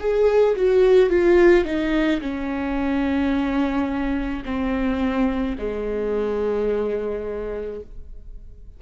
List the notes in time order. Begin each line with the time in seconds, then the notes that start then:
0.00 G#4
0.56 F#4
1.10 F4
1.65 D#4
2.21 C#4
4.45 C4
5.59 G#3